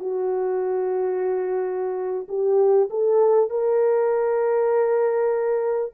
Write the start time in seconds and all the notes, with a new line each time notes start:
0.00 F#4
2.29 G4
2.90 A4
3.50 A#4